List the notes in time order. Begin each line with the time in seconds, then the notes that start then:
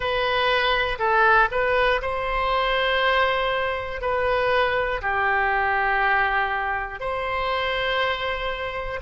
0.00 B4
0.99 A4
1.50 B4
2.01 C5
4.01 B4
5.01 G4
7.00 C5